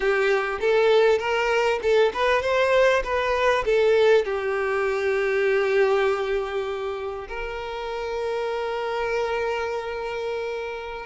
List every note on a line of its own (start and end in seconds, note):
0.00 0.59 G4
0.60 1.18 A4
1.18 1.79 A#4
1.82 2.12 A4
2.13 2.42 B4
2.42 3.02 C5
3.03 3.64 B4
3.65 4.24 A4
4.24 7.27 G4
7.28 11.06 A#4